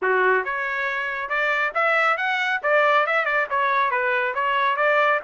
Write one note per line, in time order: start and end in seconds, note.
0.02 0.44 F#4
0.44 1.29 C#5
1.29 1.72 D5
1.74 2.17 E5
2.17 2.60 F#5
2.63 3.06 D5
3.06 3.25 E5
3.25 3.47 D5
3.49 3.90 C#5
3.90 4.34 B4
4.34 4.76 C#5
4.76 5.20 D5